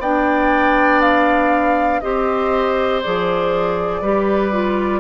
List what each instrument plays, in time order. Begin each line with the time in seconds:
0.00 bassoon B3, clarinet D4, oboe D5, flute G5
1.02 flute F5
2.01 bassoon C4, clarinet G4, oboe C5, flute D#5
3.02 bassoon F3, clarinet G#4, flute D5
4.02 bassoon G3, clarinet G4, oboe B4
4.53 clarinet F4